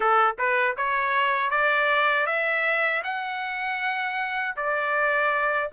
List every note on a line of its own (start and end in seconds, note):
0.00 0.36 A4
0.38 0.76 B4
0.77 1.50 C#5
1.50 2.26 D5
2.26 3.02 E5
3.03 4.55 F#5
4.56 5.70 D5